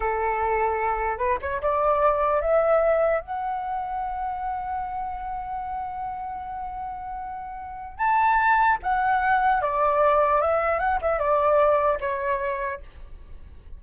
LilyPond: \new Staff \with { instrumentName = "flute" } { \time 4/4 \tempo 4 = 150 a'2. b'8 cis''8 | d''2 e''2 | fis''1~ | fis''1~ |
fis''1 | a''2 fis''2 | d''2 e''4 fis''8 e''8 | d''2 cis''2 | }